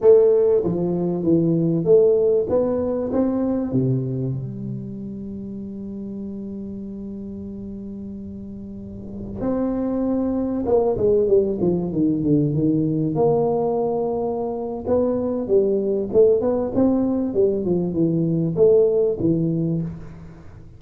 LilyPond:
\new Staff \with { instrumentName = "tuba" } { \time 4/4 \tempo 4 = 97 a4 f4 e4 a4 | b4 c'4 c4 g4~ | g1~ | g2.~ g16 c'8.~ |
c'4~ c'16 ais8 gis8 g8 f8 dis8 d16~ | d16 dis4 ais2~ ais8. | b4 g4 a8 b8 c'4 | g8 f8 e4 a4 e4 | }